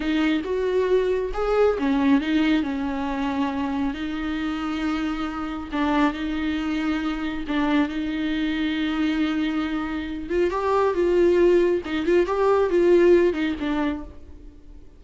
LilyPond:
\new Staff \with { instrumentName = "viola" } { \time 4/4 \tempo 4 = 137 dis'4 fis'2 gis'4 | cis'4 dis'4 cis'2~ | cis'4 dis'2.~ | dis'4 d'4 dis'2~ |
dis'4 d'4 dis'2~ | dis'2.~ dis'8 f'8 | g'4 f'2 dis'8 f'8 | g'4 f'4. dis'8 d'4 | }